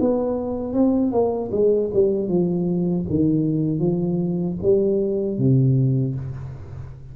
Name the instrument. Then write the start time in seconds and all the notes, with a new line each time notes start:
tuba
0.00 B3
0.73 C4
1.12 A#3
1.52 G#3
1.94 G3
2.29 F3
3.10 D#3
3.79 F3
4.62 G3
5.38 C3